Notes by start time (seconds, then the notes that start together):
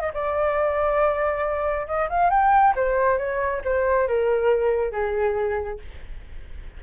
0.00 D#5
0.13 D5
1.87 D#5
2.09 F5
2.30 G5
2.75 C5
3.18 C#5
3.64 C5
4.07 A#4
4.91 G#4